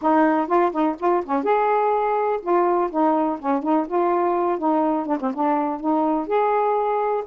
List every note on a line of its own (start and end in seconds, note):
0.01 0.47 D#4
0.47 0.71 F4
0.71 0.96 D#4
0.99 1.23 F4
1.25 1.43 C#4
1.43 2.40 G#4
2.42 2.90 F4
2.90 3.39 D#4
3.39 3.62 C#4
3.62 3.86 D#4
3.87 4.58 F4
4.58 5.06 D#4
5.06 5.18 D4
5.20 5.32 C4
5.34 5.80 D4
5.80 6.27 D#4
6.27 7.23 G#4